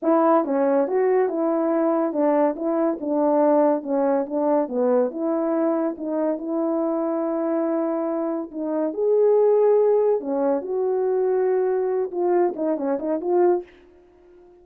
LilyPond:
\new Staff \with { instrumentName = "horn" } { \time 4/4 \tempo 4 = 141 e'4 cis'4 fis'4 e'4~ | e'4 d'4 e'4 d'4~ | d'4 cis'4 d'4 b4 | e'2 dis'4 e'4~ |
e'1 | dis'4 gis'2. | cis'4 fis'2.~ | fis'8 f'4 dis'8 cis'8 dis'8 f'4 | }